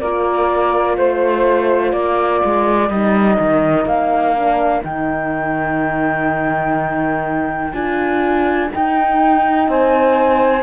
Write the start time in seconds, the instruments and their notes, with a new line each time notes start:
0.00 cello A#3, horn F4, saxophone A#4, flute D5
0.97 cello A3, flute C5, saxophone C5
1.92 cello A#3, saxophone A#4, flute D5
2.45 cello G#3
2.90 cello G3, horn D#4, flute D#5
3.40 cello D#3
3.86 cello A#3, flute F5
4.35 horn D4
4.82 cello D#3, horn D#4, flute G5
7.73 cello D4, horn F4, flute G#5
8.72 horn D#4, cello D#4, flute G5
9.68 cello C4, saxophone C5, flute G#5